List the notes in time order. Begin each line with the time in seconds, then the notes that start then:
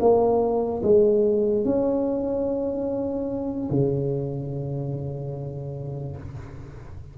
0.00 A#3
0.83 G#3
1.65 C#4
3.70 C#3